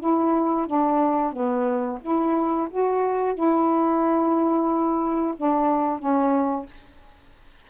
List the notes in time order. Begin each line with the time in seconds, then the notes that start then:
0.00 E4
0.67 D4
1.32 B3
2.02 E4
2.71 F#4
3.35 E4
5.37 D4
5.99 C#4